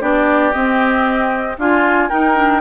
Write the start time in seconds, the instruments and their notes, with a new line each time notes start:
0.00 bassoon B3, clarinet D4, oboe G4, flute D5
0.53 clarinet C4, bassoon C4, flute D#5
1.58 bassoon D4, oboe F4, clarinet F4, flute G#5
2.09 clarinet D#4, bassoon D#4, oboe A#4, flute G5
2.35 clarinet D4